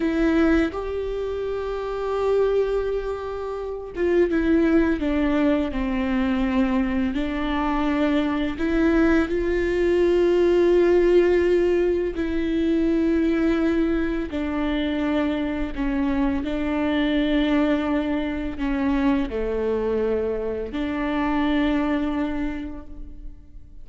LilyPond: \new Staff \with { instrumentName = "viola" } { \time 4/4 \tempo 4 = 84 e'4 g'2.~ | g'4. f'8 e'4 d'4 | c'2 d'2 | e'4 f'2.~ |
f'4 e'2. | d'2 cis'4 d'4~ | d'2 cis'4 a4~ | a4 d'2. | }